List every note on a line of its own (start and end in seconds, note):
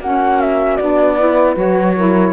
0.00 0.78 A#3
0.00 0.80 C#4
0.00 1.17 F#4
0.00 0.41 F#5
0.41 0.77 E5
0.77 1.56 B3
0.77 1.19 D4
0.77 1.55 D5
1.19 1.56 E4
1.19 1.96 B4
1.56 2.33 F#3
1.56 1.95 F#4
1.56 2.33 C#5
1.96 2.33 E4
1.96 2.33 A#4